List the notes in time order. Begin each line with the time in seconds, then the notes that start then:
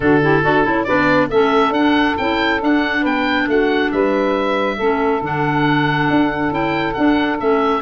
0.00 D3 D4 F#4 A4
0.21 E4 G4
0.42 D4 F#4 A4
0.64 C#4 E4
0.83 B3 D4 B4 D5
1.29 A3 C#4 A4 E5
1.70 D4 F#5
2.17 C#4 E4 G5
2.59 D4 F#5
3.00 B3 B4 G5
3.47 A3 F#4 F#5
3.91 G3 B4 E5
4.76 A3 C#4 A4
5.21 D3 D4 F#5
6.10 D4
6.50 C#4 E4 G5
6.93 D4 F#5
7.38 A3 C#4 E5